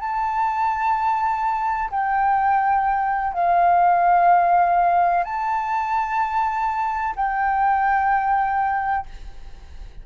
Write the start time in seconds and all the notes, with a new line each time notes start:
0.00 A5
1.91 G5
3.34 F5
5.24 A5
7.16 G5